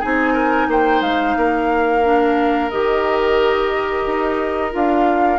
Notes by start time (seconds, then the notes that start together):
0.00 C4 D#4 G#4 G#5
0.34 A#4
0.68 A#3 C5 G5
1.01 G#3 F5
1.37 A#3 A#4
2.04 D4
2.70 D#3 G4 D#5
4.06 D#4
4.72 D4 F4 F5